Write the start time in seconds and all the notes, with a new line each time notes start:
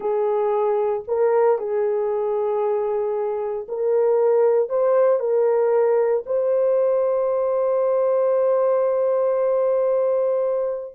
0.00 G#4
1.07 A#4
1.58 G#4
3.68 A#4
4.69 C5
5.19 A#4
6.25 C5